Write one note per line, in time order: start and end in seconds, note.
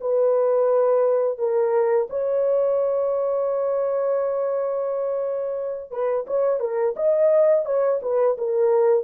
0.00 1.38 B4
1.38 2.08 A#4
2.10 5.90 C#5
5.90 6.25 B4
6.27 6.59 C#5
6.59 6.95 A#4
6.96 7.65 D#5
7.65 8.00 C#5
8.02 8.37 B4
8.38 9.04 A#4